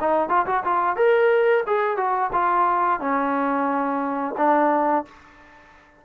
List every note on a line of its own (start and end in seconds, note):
0.00 0.29 D#4
0.29 0.46 F4
0.46 0.63 F#4
0.64 0.96 F4
0.96 1.64 A#4
1.66 1.97 G#4
1.97 2.30 F#4
2.33 3.00 F4
3.00 4.35 C#4
4.37 5.05 D4